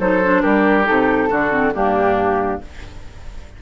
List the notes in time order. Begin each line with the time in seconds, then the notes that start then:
0.00 F#3 D#4 A4 C5
0.24 D4
0.42 G3 G4 A#4
0.85 C3 D#4 A4
1.30 D3 D4 F#4
1.51 C4
1.74 G2 A#3 D4 G4